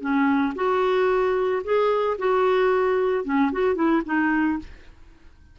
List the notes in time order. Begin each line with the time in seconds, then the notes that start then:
0.00 C#4
0.55 F#4
1.64 G#4
2.18 F#4
3.24 C#4
3.52 F#4
3.75 E4
4.05 D#4